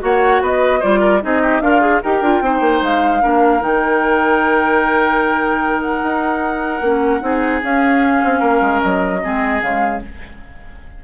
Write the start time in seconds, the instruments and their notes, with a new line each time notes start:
0.00 bassoon A#3, clarinet F#4, oboe C#5, flute F#5
0.41 bassoon B3, oboe B4, flute D#5
0.80 bassoon G3, clarinet F4, oboe C5, flute D5
0.99 oboe A#4
1.21 bassoon C4, clarinet D#4, oboe G#4, flute D#5
1.42 oboe G4
1.60 bassoon D4, oboe F4, clarinet A#4, flute F5
1.81 clarinet G#4
2.02 bassoon D#4, clarinet G4, oboe A#4, flute G5
2.21 bassoon D4, clarinet F4
2.41 bassoon C4, clarinet D#4, oboe C5
2.60 bassoon A#3
2.82 bassoon G#3, flute F5
3.21 bassoon A#3, clarinet D4, oboe A#4
3.60 bassoon D#3, clarinet D#4, flute G5
5.82 flute F#5
6.03 bassoon D#4
6.81 bassoon A#3, clarinet C#4
7.20 bassoon C4, clarinet D#4, oboe G#4
7.63 bassoon C#4, clarinet C#4, flute F5
8.23 bassoon C4
8.40 bassoon A#3, oboe A#4
8.61 bassoon G#3
8.82 bassoon F#3, flute D#5
9.22 bassoon G#3, clarinet C4, oboe G#4
9.61 bassoon C#3, clarinet G#3, flute F5